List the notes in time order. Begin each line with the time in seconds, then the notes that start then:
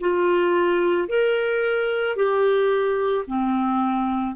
0.00 F4
1.08 A#4
2.16 G4
3.27 C4